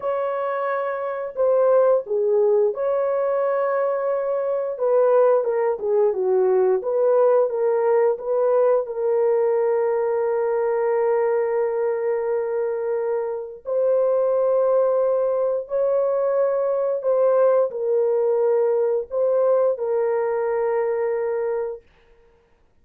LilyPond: \new Staff \with { instrumentName = "horn" } { \time 4/4 \tempo 4 = 88 cis''2 c''4 gis'4 | cis''2. b'4 | ais'8 gis'8 fis'4 b'4 ais'4 | b'4 ais'2.~ |
ais'1 | c''2. cis''4~ | cis''4 c''4 ais'2 | c''4 ais'2. | }